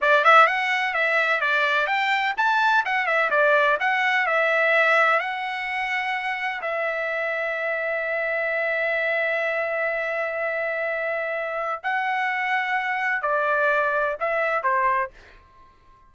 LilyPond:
\new Staff \with { instrumentName = "trumpet" } { \time 4/4 \tempo 4 = 127 d''8 e''8 fis''4 e''4 d''4 | g''4 a''4 fis''8 e''8 d''4 | fis''4 e''2 fis''4~ | fis''2 e''2~ |
e''1~ | e''1~ | e''4 fis''2. | d''2 e''4 c''4 | }